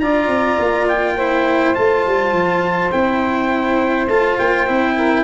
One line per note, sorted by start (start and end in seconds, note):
0.00 0.28 D4
0.00 1.18 F4
0.00 1.16 D5
0.00 0.87 A#5
0.28 0.57 C4
0.59 1.75 A#3
0.88 1.75 G5
1.16 1.75 E4
1.16 4.95 C5
1.75 2.07 A3
1.75 2.91 F4
1.75 2.91 A5
2.07 2.32 G3
2.32 2.91 F3
2.92 4.08 C4
2.92 4.08 E4
2.92 4.08 G5
4.08 4.37 A3
4.08 4.67 F4
4.08 4.38 A5
4.39 4.68 A#3
4.39 5.24 G5
4.67 5.24 C4
4.67 5.24 E4
4.96 5.24 A#4